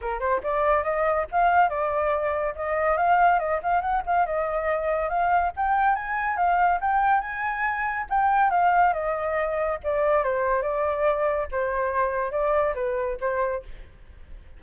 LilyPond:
\new Staff \with { instrumentName = "flute" } { \time 4/4 \tempo 4 = 141 ais'8 c''8 d''4 dis''4 f''4 | d''2 dis''4 f''4 | dis''8 f''8 fis''8 f''8 dis''2 | f''4 g''4 gis''4 f''4 |
g''4 gis''2 g''4 | f''4 dis''2 d''4 | c''4 d''2 c''4~ | c''4 d''4 b'4 c''4 | }